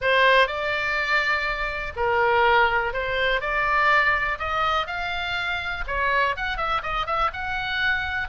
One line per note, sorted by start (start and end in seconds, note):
0.01 0.47 C5
0.47 1.93 D5
1.96 2.93 A#4
2.93 3.41 C5
3.41 4.38 D5
4.38 4.86 D#5
4.86 5.84 F5
5.87 6.36 C#5
6.36 6.57 F#5
6.57 6.81 E5
6.82 7.06 D#5
7.06 7.31 E5
7.33 8.28 F#5